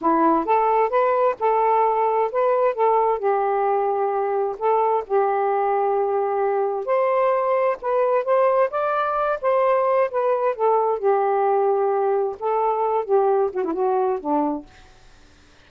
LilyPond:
\new Staff \with { instrumentName = "saxophone" } { \time 4/4 \tempo 4 = 131 e'4 a'4 b'4 a'4~ | a'4 b'4 a'4 g'4~ | g'2 a'4 g'4~ | g'2. c''4~ |
c''4 b'4 c''4 d''4~ | d''8 c''4. b'4 a'4 | g'2. a'4~ | a'8 g'4 fis'16 e'16 fis'4 d'4 | }